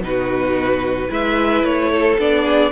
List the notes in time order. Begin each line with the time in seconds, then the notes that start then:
0.00 B2 D#4 B4
0.07 F#4
1.09 G#3 E4 B4 E5
1.63 A3 C#5
1.91 A4
2.18 B3 D4 D5
2.43 G#4